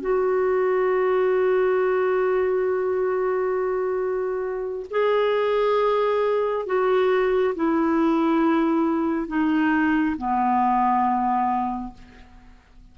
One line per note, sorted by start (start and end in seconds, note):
0.00 4.85 F#4
4.90 6.66 G#4
6.66 7.54 F#4
7.55 9.27 E4
9.27 10.16 D#4
10.17 11.93 B3